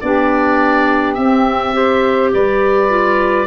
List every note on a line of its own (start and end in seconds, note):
0.00 1.17 B3
0.00 1.17 D4
0.00 1.74 G4
0.00 1.13 D5
1.13 1.73 C4
1.13 2.32 C4
1.13 2.29 E5
1.73 2.88 G4
1.73 2.32 C5
2.33 3.47 G3
2.33 3.47 B4
2.33 3.47 D5
2.88 3.46 F4